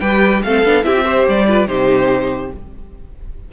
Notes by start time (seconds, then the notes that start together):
0.00 G3 G4 B4 G5
0.43 A3 C4 A4 F5
0.64 B3 D4
0.83 C4 E4 G4 E5
0.96 F4
1.04 G4 C5
1.28 G3 D5
1.48 F4 B4
1.67 C3 D#4 G4 C5